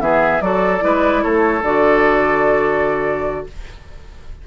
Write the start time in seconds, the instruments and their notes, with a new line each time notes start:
0.00 bassoon E3, clarinet B3, oboe G#4, flute E5
0.41 bassoon F#3, clarinet F#4, oboe A4, flute D5
0.79 bassoon G#3, clarinet E4, oboe B4
1.23 bassoon A3, oboe A4, flute C#5
1.62 bassoon D3, clarinet F#4, flute D5